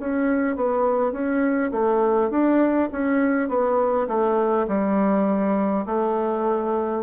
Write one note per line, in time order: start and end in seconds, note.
0.00 0.56 C#4
0.56 1.12 B3
1.12 1.71 C#4
1.71 2.30 A3
2.30 2.89 D4
2.92 3.49 C#4
3.49 4.07 B3
4.08 4.67 A3
4.67 5.85 G3
5.86 7.03 A3